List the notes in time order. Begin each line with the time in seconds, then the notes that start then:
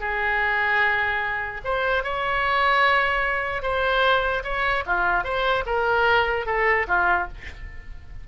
0.00 G#4
1.64 C5
2.04 C#5
3.63 C5
4.44 C#5
4.86 F4
5.24 C5
5.66 A#4
6.46 A4
6.88 F4